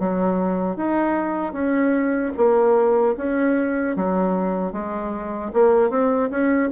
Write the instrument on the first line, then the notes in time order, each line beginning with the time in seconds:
bassoon
0.00 F#3
0.77 D#4
1.53 C#4
2.37 A#3
3.17 C#4
3.96 F#3
4.73 G#3
5.54 A#3
5.91 C4
6.31 C#4